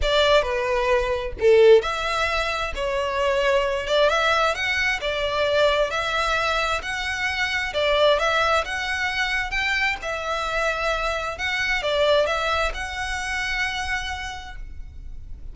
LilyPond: \new Staff \with { instrumentName = "violin" } { \time 4/4 \tempo 4 = 132 d''4 b'2 a'4 | e''2 cis''2~ | cis''8 d''8 e''4 fis''4 d''4~ | d''4 e''2 fis''4~ |
fis''4 d''4 e''4 fis''4~ | fis''4 g''4 e''2~ | e''4 fis''4 d''4 e''4 | fis''1 | }